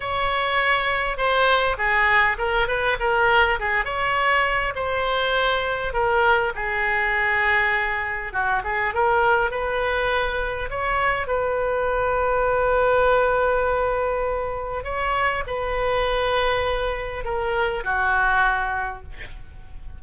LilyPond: \new Staff \with { instrumentName = "oboe" } { \time 4/4 \tempo 4 = 101 cis''2 c''4 gis'4 | ais'8 b'8 ais'4 gis'8 cis''4. | c''2 ais'4 gis'4~ | gis'2 fis'8 gis'8 ais'4 |
b'2 cis''4 b'4~ | b'1~ | b'4 cis''4 b'2~ | b'4 ais'4 fis'2 | }